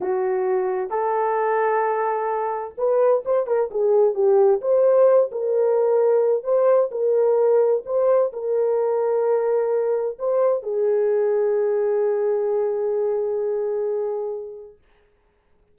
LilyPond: \new Staff \with { instrumentName = "horn" } { \time 4/4 \tempo 4 = 130 fis'2 a'2~ | a'2 b'4 c''8 ais'8 | gis'4 g'4 c''4. ais'8~ | ais'2 c''4 ais'4~ |
ais'4 c''4 ais'2~ | ais'2 c''4 gis'4~ | gis'1~ | gis'1 | }